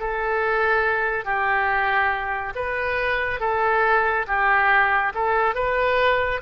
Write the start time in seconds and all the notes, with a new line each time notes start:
0.00 A4
1.25 G4
2.56 B4
3.40 A4
4.27 G4
5.15 A4
5.55 B4